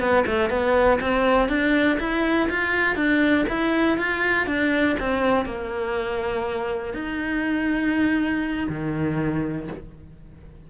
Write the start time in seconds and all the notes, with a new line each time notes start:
0.00 B3
0.26 A3
0.50 B3
1.01 C4
1.48 D4
1.99 E4
2.50 F4
2.96 D4
3.49 E4
3.98 F4
4.47 D4
4.99 C4
5.45 A#3
6.94 D#4
8.69 D#3